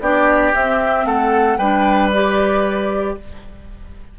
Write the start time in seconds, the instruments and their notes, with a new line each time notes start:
0.00 bassoon B3, clarinet D4, oboe G4, flute D5
0.53 clarinet C4, bassoon C4, flute E5
1.05 bassoon A3, oboe A4, flute F#5
1.57 bassoon G3, clarinet D4, oboe B4, flute G5
2.12 clarinet G4, flute D5